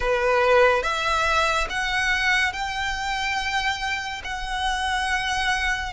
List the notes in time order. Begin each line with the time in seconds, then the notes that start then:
0.00 B4
0.83 E5
1.69 F#5
2.52 G5
4.24 F#5